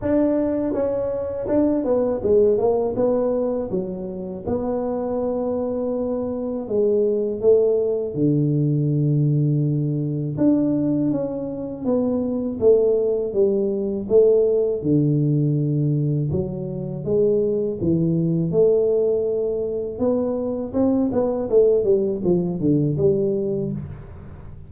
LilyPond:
\new Staff \with { instrumentName = "tuba" } { \time 4/4 \tempo 4 = 81 d'4 cis'4 d'8 b8 gis8 ais8 | b4 fis4 b2~ | b4 gis4 a4 d4~ | d2 d'4 cis'4 |
b4 a4 g4 a4 | d2 fis4 gis4 | e4 a2 b4 | c'8 b8 a8 g8 f8 d8 g4 | }